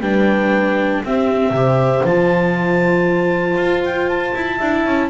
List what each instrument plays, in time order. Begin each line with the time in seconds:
0.00 double bass G3, viola D4, horn B4, clarinet G5
1.04 viola C4, double bass C4, horn G4, clarinet E5
1.51 double bass C3, viola G4, horn C5
2.04 double bass F3, viola F4, clarinet A5
3.57 double bass F4
3.84 clarinet G5
4.08 clarinet A5
4.34 double bass E4
4.57 double bass D4, viola E4, horn E5
4.85 double bass C#4